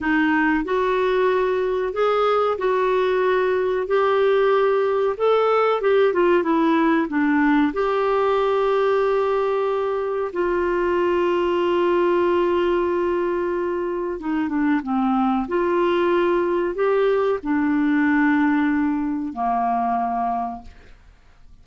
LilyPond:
\new Staff \with { instrumentName = "clarinet" } { \time 4/4 \tempo 4 = 93 dis'4 fis'2 gis'4 | fis'2 g'2 | a'4 g'8 f'8 e'4 d'4 | g'1 |
f'1~ | f'2 dis'8 d'8 c'4 | f'2 g'4 d'4~ | d'2 ais2 | }